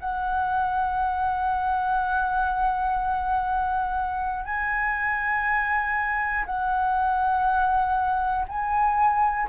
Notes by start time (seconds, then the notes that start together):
0.00 F#5
4.45 G#5
6.45 F#5
8.48 G#5